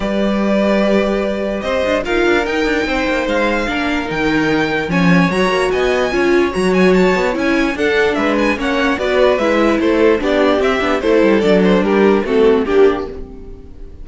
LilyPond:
<<
  \new Staff \with { instrumentName = "violin" } { \time 4/4 \tempo 4 = 147 d''1 | dis''4 f''4 g''2 | f''2 g''2 | gis''4 ais''4 gis''2 |
ais''8 gis''8 a''4 gis''4 fis''4 | e''8 gis''8 fis''4 d''4 e''4 | c''4 d''4 e''4 c''4 | d''8 c''8 ais'4 a'4 g'4 | }
  \new Staff \with { instrumentName = "violin" } { \time 4/4 b'1 | c''4 ais'2 c''4~ | c''4 ais'2. | cis''2 dis''4 cis''4~ |
cis''2. a'4 | b'4 cis''4 b'2 | a'4 g'2 a'4~ | a'4 g'4 fis'4 g'4 | }
  \new Staff \with { instrumentName = "viola" } { \time 4/4 g'1~ | g'4 f'4 dis'2~ | dis'4 d'4 dis'2 | cis'4 fis'2 f'4 |
fis'2 e'4 d'4~ | d'4 cis'4 fis'4 e'4~ | e'4 d'4 c'8 d'8 e'4 | d'2 c'4 d'4 | }
  \new Staff \with { instrumentName = "cello" } { \time 4/4 g1 | c'8 d'8 dis'8 d'8 dis'8 d'8 c'8 ais8 | gis4 ais4 dis2 | f4 fis8 ais8 b4 cis'4 |
fis4. b8 cis'4 d'4 | gis4 ais4 b4 gis4 | a4 b4 c'8 b8 a8 g8 | fis4 g4 a4 ais4 | }
>>